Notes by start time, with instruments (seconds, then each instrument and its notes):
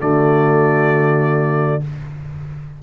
0.00 tuba D3, trombone A3, horn F#4, trumpet D5